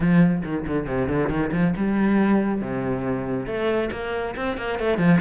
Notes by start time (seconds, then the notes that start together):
0.00 F3
0.44 D#3
0.66 D3
0.86 C3
1.08 D3
1.29 D#3
1.52 F3
1.76 G3
2.61 C3
3.46 A3
3.91 A#3
4.35 C4
4.57 A#3
4.79 A3
4.98 F3